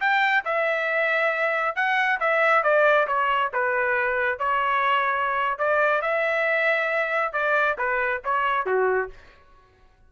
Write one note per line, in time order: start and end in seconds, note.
0.00 0.44 G5
0.45 1.75 E5
1.75 2.19 F#5
2.20 2.63 E5
2.63 3.07 D5
3.07 3.51 C#5
3.53 4.39 B4
4.39 5.58 C#5
5.58 6.02 D5
6.02 7.33 E5
7.33 7.76 D5
7.78 8.22 B4
8.24 8.66 C#5
8.66 9.10 F#4